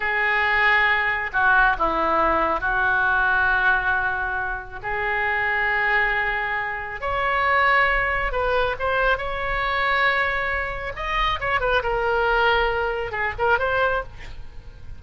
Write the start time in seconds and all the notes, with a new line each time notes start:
0.00 G#4
1.32 F#4
1.78 E4
2.60 F#4
4.83 G#4
7.01 C#5
8.32 B4
8.79 C5
9.17 C#5
10.95 D#5
11.39 C#5
11.60 B4
11.82 A#4
13.11 G#4
13.38 A#4
13.59 C5